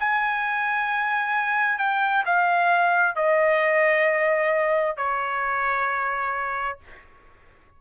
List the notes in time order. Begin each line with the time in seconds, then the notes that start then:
0.00 G#5
1.79 G5
2.26 F5
3.16 D#5
4.97 C#5